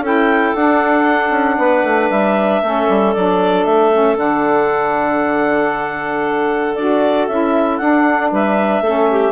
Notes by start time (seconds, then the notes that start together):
0.00 C#4 E4 A4 G5
0.55 D4 F#5
1.31 C#4
1.58 B3 B4
1.84 A3
2.11 G3 E5
2.62 A3 C#4 A4
2.89 G3
3.14 F#3 D4 D5
3.65 A3 E5
3.93 C#4
4.16 D3 D4 F#5
6.75 D4 F#4 D5
7.27 C#4 E4 E5
7.78 D4 F#5
8.32 G3 B4 E5
8.81 A3 C#4 A4
9.11 G4